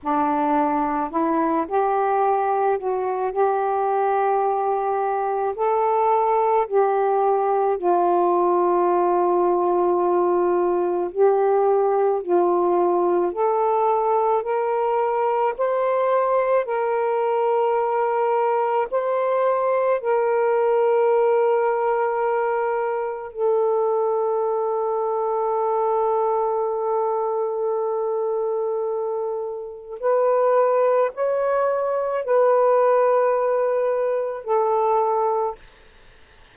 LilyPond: \new Staff \with { instrumentName = "saxophone" } { \time 4/4 \tempo 4 = 54 d'4 e'8 g'4 fis'8 g'4~ | g'4 a'4 g'4 f'4~ | f'2 g'4 f'4 | a'4 ais'4 c''4 ais'4~ |
ais'4 c''4 ais'2~ | ais'4 a'2.~ | a'2. b'4 | cis''4 b'2 a'4 | }